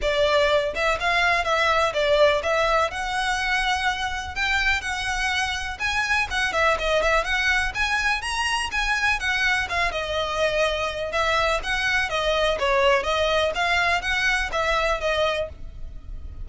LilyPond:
\new Staff \with { instrumentName = "violin" } { \time 4/4 \tempo 4 = 124 d''4. e''8 f''4 e''4 | d''4 e''4 fis''2~ | fis''4 g''4 fis''2 | gis''4 fis''8 e''8 dis''8 e''8 fis''4 |
gis''4 ais''4 gis''4 fis''4 | f''8 dis''2~ dis''8 e''4 | fis''4 dis''4 cis''4 dis''4 | f''4 fis''4 e''4 dis''4 | }